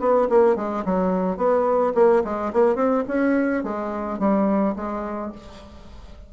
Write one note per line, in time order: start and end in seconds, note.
0.00 0.28 B3
0.30 0.56 A#3
0.56 0.84 G#3
0.85 1.37 F#3
1.37 1.93 B3
1.95 2.23 A#3
2.24 2.52 G#3
2.53 2.76 A#3
2.76 3.04 C4
3.08 3.64 C#4
3.64 4.19 G#3
4.19 4.75 G3
4.76 5.32 G#3